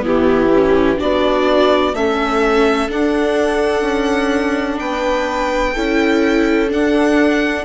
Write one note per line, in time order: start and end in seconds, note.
0.00 1.00 E3
0.00 0.48 B3
0.00 0.98 E4
0.00 0.99 G4
0.54 0.97 C#4
0.97 1.93 B3
0.97 1.92 D4
0.97 1.94 F#4
0.97 1.95 D5
1.93 2.89 A3
1.93 2.88 C#4
1.93 4.77 A4
1.93 2.90 E5
2.88 5.74 D4
2.88 3.81 D4
2.88 4.79 F#5
3.81 4.77 C#4
4.77 5.75 B3
4.77 5.72 B4
4.77 6.69 G5
5.73 6.72 C#4
5.73 6.68 E4
5.73 7.64 A4
6.68 7.63 D4
6.68 7.64 D4
6.68 7.64 F#5